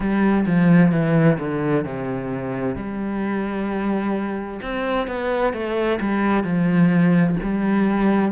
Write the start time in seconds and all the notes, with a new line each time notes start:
0.00 G3
0.46 F3
0.91 E3
1.39 D3
1.84 C3
2.75 G3
4.62 C4
5.07 B3
5.53 A3
6.00 G3
6.43 F3
7.42 G3